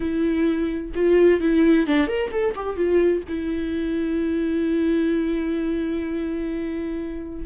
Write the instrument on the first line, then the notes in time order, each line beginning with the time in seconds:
viola
0.00 E4
0.94 F4
1.40 E4
1.86 D4
2.07 A#4
2.31 A4
2.55 G4
2.76 F4
3.28 E4